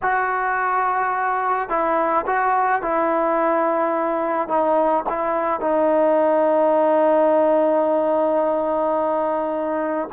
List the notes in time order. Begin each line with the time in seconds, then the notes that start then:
0.02 F#4
1.69 E4
2.26 F#4
2.81 E4
4.48 D#4
5.09 E4
5.60 D#4